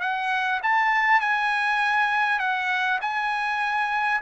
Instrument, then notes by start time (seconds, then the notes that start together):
trumpet
0.00 F#5
0.62 A5
1.20 G#5
2.39 F#5
3.01 G#5